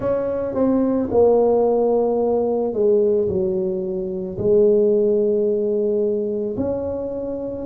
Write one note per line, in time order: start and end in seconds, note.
0.00 0.54 C#4
0.54 1.09 C4
1.10 2.73 A#3
2.73 3.27 G#3
3.28 4.37 F#3
4.38 6.56 G#3
6.57 7.65 C#4